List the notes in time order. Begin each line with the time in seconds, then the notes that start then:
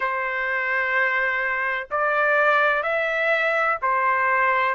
0.00 C5
1.90 D5
2.83 E5
3.81 C5